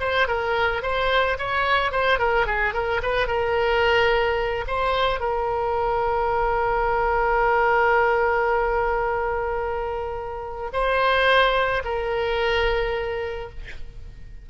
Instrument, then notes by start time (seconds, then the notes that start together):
oboe
0.00 C5
0.28 A#4
0.83 C5
1.38 C#5
1.92 C5
2.19 A#4
2.46 G#4
2.74 A#4
3.02 B4
3.27 A#4
4.67 C5
5.20 A#4
10.73 C5
11.84 A#4